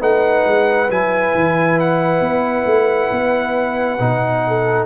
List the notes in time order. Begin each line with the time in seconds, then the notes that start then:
0.00 A3 D#4 B4 F#5
0.46 G#3
0.89 F#3 E4 G#5
1.35 E3
1.80 F#5
2.20 B3
2.65 A3
3.11 B3
3.99 B2 D#4
4.47 A4